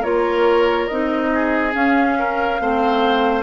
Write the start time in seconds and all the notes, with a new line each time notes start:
0.00 A#3 F4 A#4 C#5
0.87 C4 D#4 D#5
1.34 G#4
1.72 C#4 F5
2.19 A#4
2.60 A3 C4 C5